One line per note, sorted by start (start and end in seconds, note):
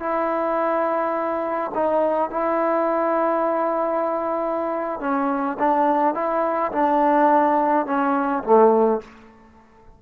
0.00 1.71 E4
1.75 2.30 D#4
2.30 5.00 E4
5.00 5.57 C#4
5.60 6.15 D4
6.15 6.72 E4
6.72 7.86 D4
7.86 8.43 C#4
8.44 9.01 A3